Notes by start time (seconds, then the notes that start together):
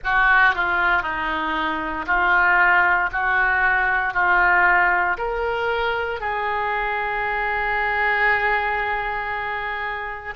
0.03 F#4
0.55 F4
1.02 D#4
2.06 F4
3.12 F#4
4.13 F4
5.17 A#4
6.20 G#4